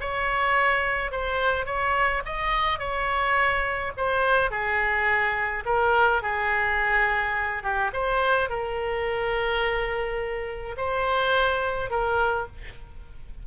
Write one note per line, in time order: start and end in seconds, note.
0.00 1.11 C#5
1.11 1.66 C5
1.66 2.22 C#5
2.25 2.79 D#5
2.79 3.92 C#5
3.97 4.50 C5
4.50 5.63 G#4
5.65 6.22 A#4
6.22 7.63 G#4
7.63 7.91 G4
7.93 8.49 C5
8.49 10.76 A#4
10.77 11.90 C5
11.90 12.47 A#4